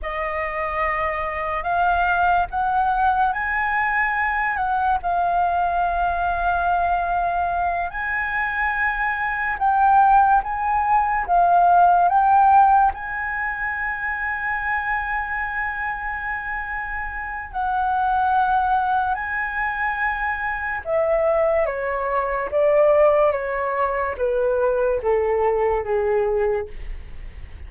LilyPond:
\new Staff \with { instrumentName = "flute" } { \time 4/4 \tempo 4 = 72 dis''2 f''4 fis''4 | gis''4. fis''8 f''2~ | f''4. gis''2 g''8~ | g''8 gis''4 f''4 g''4 gis''8~ |
gis''1~ | gis''4 fis''2 gis''4~ | gis''4 e''4 cis''4 d''4 | cis''4 b'4 a'4 gis'4 | }